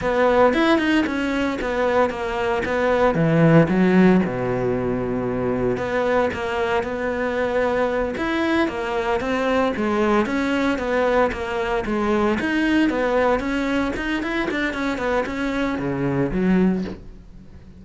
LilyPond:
\new Staff \with { instrumentName = "cello" } { \time 4/4 \tempo 4 = 114 b4 e'8 dis'8 cis'4 b4 | ais4 b4 e4 fis4 | b,2. b4 | ais4 b2~ b8 e'8~ |
e'8 ais4 c'4 gis4 cis'8~ | cis'8 b4 ais4 gis4 dis'8~ | dis'8 b4 cis'4 dis'8 e'8 d'8 | cis'8 b8 cis'4 cis4 fis4 | }